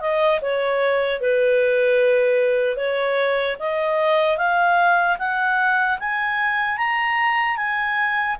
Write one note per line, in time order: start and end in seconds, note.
0.00 0.40 D#5
0.41 1.21 C#5
1.21 2.77 B4
2.77 3.57 C#5
3.59 4.37 D#5
4.37 5.17 F5
5.19 5.99 F#5
5.99 6.77 G#5
6.77 7.56 A#5
7.56 8.36 G#5